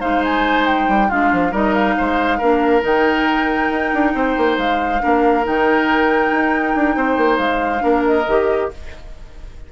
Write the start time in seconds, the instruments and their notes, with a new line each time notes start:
0.00 bassoon G#3, clarinet D#4, oboe C5, flute F5
0.23 flute G#5
0.67 flute G5
0.88 bassoon G3
1.08 bassoon G#3, clarinet D4, oboe F4, flute F5
1.32 bassoon F3
1.51 bassoon G3, clarinet D#4, oboe A#4, flute D#5
1.73 flute F5
1.97 bassoon G#3, oboe C5
2.38 bassoon A#3, clarinet D4, oboe A#4
2.81 bassoon D#3, clarinet D#4, flute G5
3.70 bassoon D#4
3.94 bassoon D4
4.14 bassoon C4, oboe C5
4.37 bassoon A#3
4.57 bassoon G#3, flute F5
5.00 bassoon A#3, clarinet D4, oboe A#4
5.43 bassoon D#3, clarinet D#4, flute G5
6.31 bassoon D#4
6.75 bassoon D4
6.95 bassoon C4, oboe C5
7.17 bassoon A#3
7.38 bassoon G#3, flute F5
7.79 bassoon A#3, clarinet D4, oboe A#4
8.06 flute D#5
8.27 bassoon D#3, clarinet G4